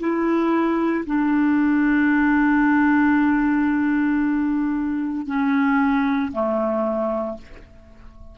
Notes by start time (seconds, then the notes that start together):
0.00 E4
1.06 D4
5.27 C#4
6.33 A3